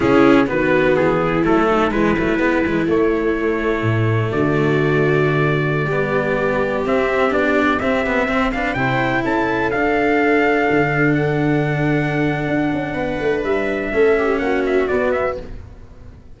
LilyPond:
<<
  \new Staff \with { instrumentName = "trumpet" } { \time 4/4 \tempo 4 = 125 gis'4 b'4 gis'4 a'4 | b'2 cis''2~ | cis''4 d''2.~ | d''2~ d''16 e''4 d''8.~ |
d''16 e''4. f''8 g''4 a''8.~ | a''16 f''2. fis''8.~ | fis''1 | e''2 fis''8 e''8 d''8 e''8 | }
  \new Staff \with { instrumentName = "viola" } { \time 4/4 e'4 fis'4. e'4 dis'8 | e'1~ | e'4 fis'2.~ | fis'16 g'2.~ g'8.~ |
g'4~ g'16 c''8 b'8 c''4 a'8.~ | a'1~ | a'2. b'4~ | b'4 a'8 g'8 fis'2 | }
  \new Staff \with { instrumentName = "cello" } { \time 4/4 cis'4 b2 a4 | gis8 a8 b8 gis8 a2~ | a1~ | a16 b2 c'4 d'8.~ |
d'16 c'8 b8 c'8 d'8 e'4.~ e'16~ | e'16 d'2.~ d'8.~ | d'1~ | d'4 cis'2 b4 | }
  \new Staff \with { instrumentName = "tuba" } { \time 4/4 cis4 dis4 e4 fis4 | e8 fis8 gis8 e8 a2 | a,4 d2.~ | d16 g2 c'4 b8.~ |
b16 c'2 c4 cis'8.~ | cis'16 d'2 d4.~ d16~ | d2 d'8 cis'8 b8 a8 | g4 a4 ais4 b4 | }
>>